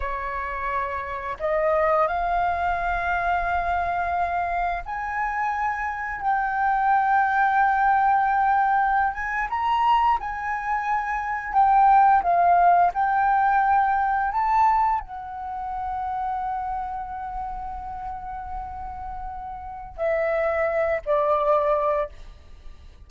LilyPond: \new Staff \with { instrumentName = "flute" } { \time 4/4 \tempo 4 = 87 cis''2 dis''4 f''4~ | f''2. gis''4~ | gis''4 g''2.~ | g''4~ g''16 gis''8 ais''4 gis''4~ gis''16~ |
gis''8. g''4 f''4 g''4~ g''16~ | g''8. a''4 fis''2~ fis''16~ | fis''1~ | fis''4 e''4. d''4. | }